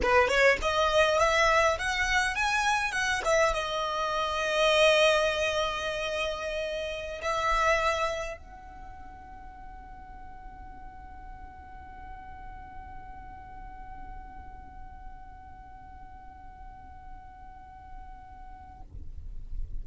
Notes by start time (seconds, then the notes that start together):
0.02 B4
0.28 C#5
0.62 D#5
1.19 E5
1.78 F#5
2.35 G#5
2.92 F#5
3.24 E5
3.53 D#5
7.22 E5
8.37 F#5